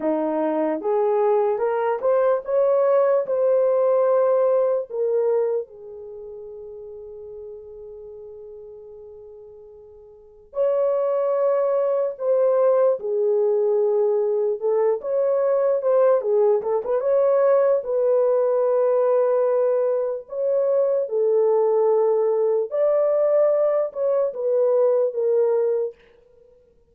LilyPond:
\new Staff \with { instrumentName = "horn" } { \time 4/4 \tempo 4 = 74 dis'4 gis'4 ais'8 c''8 cis''4 | c''2 ais'4 gis'4~ | gis'1~ | gis'4 cis''2 c''4 |
gis'2 a'8 cis''4 c''8 | gis'8 a'16 b'16 cis''4 b'2~ | b'4 cis''4 a'2 | d''4. cis''8 b'4 ais'4 | }